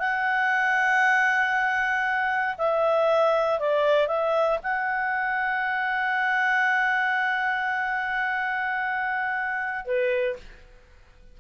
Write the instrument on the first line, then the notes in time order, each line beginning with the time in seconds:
clarinet
0.00 F#5
2.58 E5
3.60 D5
4.08 E5
4.63 F#5
9.86 B4